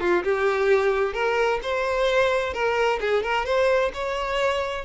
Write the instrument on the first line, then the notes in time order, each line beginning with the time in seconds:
violin
0.00 F4
0.24 G4
1.13 A#4
1.62 C5
2.53 A#4
3.00 G#4
3.23 A#4
3.45 C5
3.94 C#5